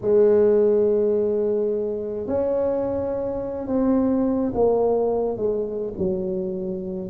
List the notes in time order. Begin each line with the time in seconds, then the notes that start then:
0.01 G#3
2.27 C#4
3.67 C4
4.54 A#3
5.37 G#3
5.97 F#3